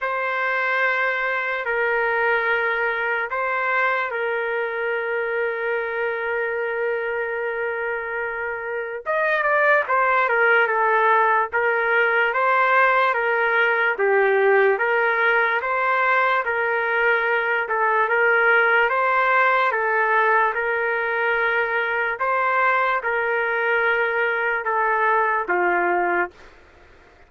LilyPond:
\new Staff \with { instrumentName = "trumpet" } { \time 4/4 \tempo 4 = 73 c''2 ais'2 | c''4 ais'2.~ | ais'2. dis''8 d''8 | c''8 ais'8 a'4 ais'4 c''4 |
ais'4 g'4 ais'4 c''4 | ais'4. a'8 ais'4 c''4 | a'4 ais'2 c''4 | ais'2 a'4 f'4 | }